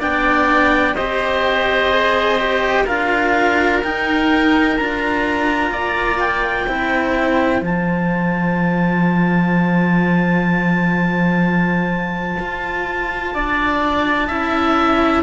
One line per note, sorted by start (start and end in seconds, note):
0.00 0.96 B3
0.00 0.95 D4
0.00 0.95 D5
0.00 0.95 G5
0.95 2.86 C4
0.95 1.92 G4
0.95 2.85 C5
0.95 2.86 D#5
1.92 2.39 G#4
2.39 2.87 G4
2.85 3.83 D4
2.85 3.82 F4
2.85 5.71 A#4
2.85 3.82 F5
3.83 4.79 D#4
3.83 4.80 D#4
3.83 4.77 G5
4.77 5.71 D4
4.77 6.68 F4
4.77 6.20 A#5
5.71 6.66 A#3
5.71 6.67 D5
6.20 7.63 G5
6.67 7.62 C4
6.67 7.62 E4
6.67 13.34 C5
7.62 12.38 F3
7.62 14.29 F4
7.62 15.23 A5
12.40 13.35 F4
13.35 14.30 D4
13.35 14.28 D5
14.28 15.23 C#4
14.28 15.23 E4
14.28 15.23 E5